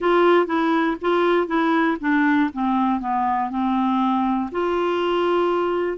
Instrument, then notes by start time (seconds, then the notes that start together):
clarinet
0.00 F4
0.46 E4
1.01 F4
1.47 E4
2.00 D4
2.52 C4
3.00 B3
3.50 C4
4.51 F4